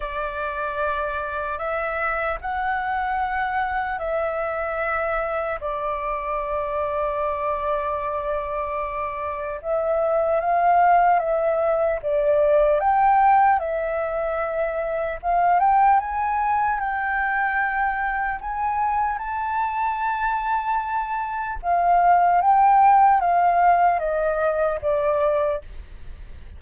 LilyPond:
\new Staff \with { instrumentName = "flute" } { \time 4/4 \tempo 4 = 75 d''2 e''4 fis''4~ | fis''4 e''2 d''4~ | d''1 | e''4 f''4 e''4 d''4 |
g''4 e''2 f''8 g''8 | gis''4 g''2 gis''4 | a''2. f''4 | g''4 f''4 dis''4 d''4 | }